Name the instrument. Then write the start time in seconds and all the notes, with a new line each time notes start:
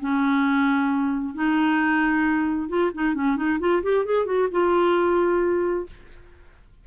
clarinet
0.00 C#4
1.34 D#4
2.69 F4
2.94 D#4
3.14 C#4
3.36 D#4
3.59 F4
3.83 G4
4.05 G#4
4.25 F#4
4.51 F4